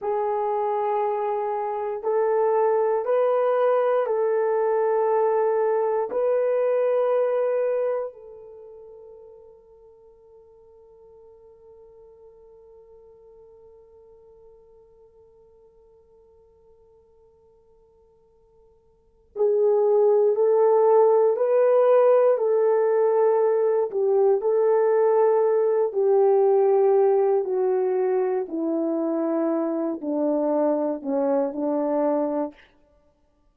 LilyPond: \new Staff \with { instrumentName = "horn" } { \time 4/4 \tempo 4 = 59 gis'2 a'4 b'4 | a'2 b'2 | a'1~ | a'1~ |
a'2. gis'4 | a'4 b'4 a'4. g'8 | a'4. g'4. fis'4 | e'4. d'4 cis'8 d'4 | }